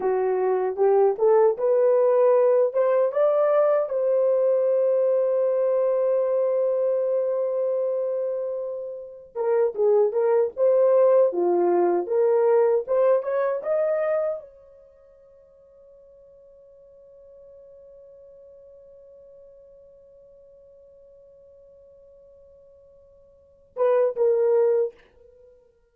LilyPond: \new Staff \with { instrumentName = "horn" } { \time 4/4 \tempo 4 = 77 fis'4 g'8 a'8 b'4. c''8 | d''4 c''2.~ | c''1 | ais'8 gis'8 ais'8 c''4 f'4 ais'8~ |
ais'8 c''8 cis''8 dis''4 cis''4.~ | cis''1~ | cis''1~ | cis''2~ cis''8 b'8 ais'4 | }